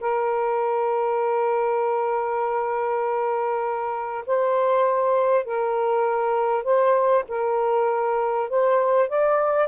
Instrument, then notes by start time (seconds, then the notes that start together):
saxophone
0.00 A#4
4.26 C5
5.44 A#4
6.64 C5
7.28 A#4
8.49 C5
9.08 D5